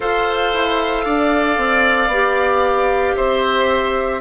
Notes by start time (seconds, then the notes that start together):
0.00 F4 A4 C5 F5
0.53 E4
1.05 D4 D5
1.57 C4
2.07 B3 G4
3.16 C4 C5 E5